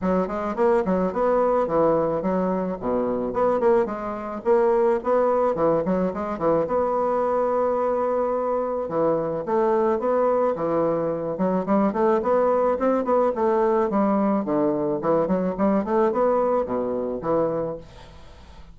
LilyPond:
\new Staff \with { instrumentName = "bassoon" } { \time 4/4 \tempo 4 = 108 fis8 gis8 ais8 fis8 b4 e4 | fis4 b,4 b8 ais8 gis4 | ais4 b4 e8 fis8 gis8 e8 | b1 |
e4 a4 b4 e4~ | e8 fis8 g8 a8 b4 c'8 b8 | a4 g4 d4 e8 fis8 | g8 a8 b4 b,4 e4 | }